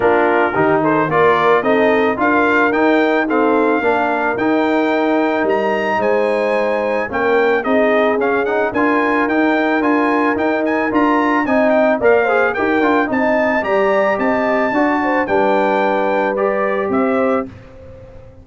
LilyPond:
<<
  \new Staff \with { instrumentName = "trumpet" } { \time 4/4 \tempo 4 = 110 ais'4. c''8 d''4 dis''4 | f''4 g''4 f''2 | g''2 ais''4 gis''4~ | gis''4 g''4 dis''4 f''8 fis''8 |
gis''4 g''4 gis''4 g''8 gis''8 | ais''4 gis''8 g''8 f''4 g''4 | a''4 ais''4 a''2 | g''2 d''4 e''4 | }
  \new Staff \with { instrumentName = "horn" } { \time 4/4 f'4 g'8 a'8 ais'4 a'4 | ais'2 a'4 ais'4~ | ais'2. c''4~ | c''4 ais'4 gis'2 |
ais'1~ | ais'4 dis''4 d''8 c''8 ais'4 | dis''4 d''4 dis''4 d''8 c''8 | b'2. c''4 | }
  \new Staff \with { instrumentName = "trombone" } { \time 4/4 d'4 dis'4 f'4 dis'4 | f'4 dis'4 c'4 d'4 | dis'1~ | dis'4 cis'4 dis'4 cis'8 dis'8 |
f'4 dis'4 f'4 dis'4 | f'4 dis'4 ais'8 gis'8 g'8 f'8 | dis'4 g'2 fis'4 | d'2 g'2 | }
  \new Staff \with { instrumentName = "tuba" } { \time 4/4 ais4 dis4 ais4 c'4 | d'4 dis'2 ais4 | dis'2 g4 gis4~ | gis4 ais4 c'4 cis'4 |
d'4 dis'4 d'4 dis'4 | d'4 c'4 ais4 dis'8 d'8 | c'4 g4 c'4 d'4 | g2. c'4 | }
>>